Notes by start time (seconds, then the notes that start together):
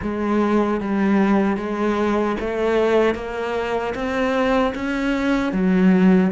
0.01 G#3
0.80 G3
1.56 G#3
2.40 A3
3.14 A#3
3.94 C4
4.74 C#4
5.52 F#3